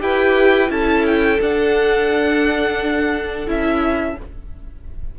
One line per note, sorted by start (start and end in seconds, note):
0.00 0.70 E4
0.00 0.68 G4
0.00 0.71 B4
0.00 0.71 G5
0.68 1.39 C#4
0.68 1.37 E4
0.68 4.16 A4
0.68 1.05 A5
1.06 1.40 G5
1.40 3.47 D4
1.40 3.46 D4
1.40 3.50 F#5
3.46 4.17 C#4
3.46 4.15 E4
3.46 4.19 E5